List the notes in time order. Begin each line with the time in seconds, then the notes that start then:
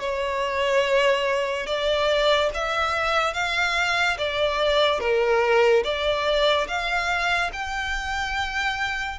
0.00 C#5
1.67 D5
2.54 E5
3.34 F5
4.18 D5
5.00 A#4
5.84 D5
6.68 F5
7.53 G5